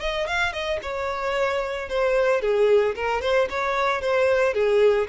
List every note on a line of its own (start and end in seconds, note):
0.00 0.27 D#5
0.27 0.53 F5
0.53 0.79 D#5
0.82 1.89 C#5
1.89 2.41 C5
2.41 2.95 G#4
2.95 3.21 A#4
3.21 3.48 C5
3.50 4.01 C#5
4.01 4.53 C5
4.53 5.07 G#4